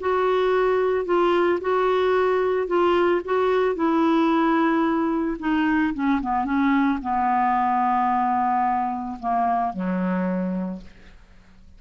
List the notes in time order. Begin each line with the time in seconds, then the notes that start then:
0.00 F#4
1.05 F4
1.61 F#4
2.68 F4
3.25 F#4
3.75 E4
5.40 D#4
5.94 C#4
6.22 B3
6.45 C#4
7.02 B3
9.20 A#3
9.73 F#3